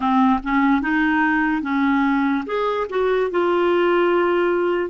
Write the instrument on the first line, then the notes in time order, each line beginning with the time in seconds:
clarinet
0.00 C4
0.43 C#4
0.81 D#4
1.62 C#4
2.46 G#4
2.90 F#4
3.30 F4